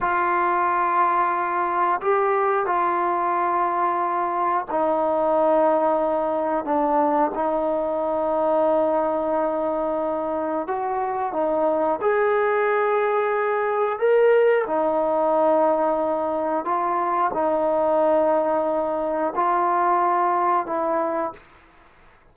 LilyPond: \new Staff \with { instrumentName = "trombone" } { \time 4/4 \tempo 4 = 90 f'2. g'4 | f'2. dis'4~ | dis'2 d'4 dis'4~ | dis'1 |
fis'4 dis'4 gis'2~ | gis'4 ais'4 dis'2~ | dis'4 f'4 dis'2~ | dis'4 f'2 e'4 | }